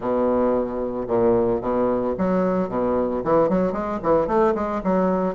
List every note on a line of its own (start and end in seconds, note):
0.00 1.07 B2
1.07 1.61 A#2
1.61 2.15 B2
2.17 2.68 F#3
2.68 3.22 B2
3.23 3.49 E3
3.49 3.72 F#3
3.72 3.99 G#3
4.02 4.27 E3
4.27 4.54 A3
4.54 4.81 G#3
4.83 5.34 F#3